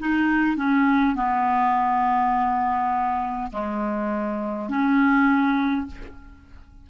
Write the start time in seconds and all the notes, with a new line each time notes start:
0.00 D#4
0.57 C#4
1.16 B3
3.52 G#3
4.69 C#4